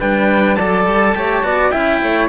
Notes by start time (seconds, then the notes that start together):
0.00 G3 D4 B4 G5
0.56 F#3 A4 D5 A5
0.86 G3
1.15 A3 G4 C#5
1.43 B3 F#4 D5
1.71 C#4 E4 E5 G5
2.02 A3 C#5